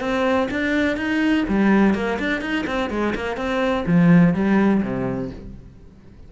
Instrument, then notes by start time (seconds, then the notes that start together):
cello
0.00 C4
0.51 D4
0.96 D#4
1.48 G3
1.94 A#3
2.19 D4
2.41 D#4
2.67 C4
2.90 G#3
3.15 A#3
3.36 C4
3.86 F3
4.34 G3
4.82 C3